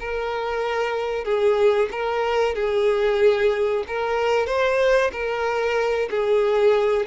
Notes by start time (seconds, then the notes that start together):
0.00 A#4
1.25 G#4
1.91 A#4
2.55 G#4
3.88 A#4
4.47 C5
5.13 A#4
6.11 G#4